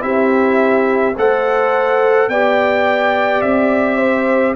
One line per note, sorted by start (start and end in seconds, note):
0.00 1.16 C4
0.00 1.13 E4
0.00 1.17 G4
0.00 1.15 E5
1.17 2.28 A3
1.17 2.31 A4
1.17 2.31 C5
1.17 2.29 F#5
2.28 3.41 B3
2.28 4.56 G4
2.28 3.96 D5
2.28 3.42 G5
3.42 4.55 C4
3.42 4.55 E5
3.96 4.53 C5